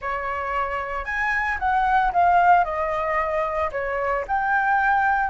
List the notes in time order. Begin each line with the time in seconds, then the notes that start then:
0.01 C#5
1.04 G#5
1.59 F#5
2.12 F5
2.64 D#5
3.71 C#5
4.27 G5